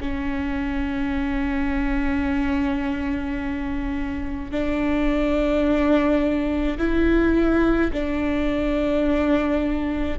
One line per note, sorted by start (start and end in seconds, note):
0.00 4.51 C#4
4.51 6.77 D4
6.78 7.91 E4
7.92 10.18 D4